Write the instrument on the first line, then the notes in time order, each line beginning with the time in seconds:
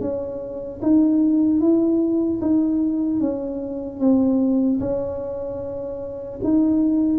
tuba
0.00 C#4
0.82 D#4
1.60 E4
2.41 D#4
3.20 C#4
3.99 C4
4.80 C#4
6.43 D#4